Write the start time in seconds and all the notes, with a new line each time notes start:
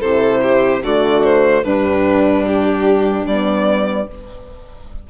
0.00 C3 E4 A4 C5
0.42 G4
0.82 D3 A3 F#4 D5
1.24 C5
1.63 G2 G3 D4 B4
2.46 G4
3.26 G3 B3 D5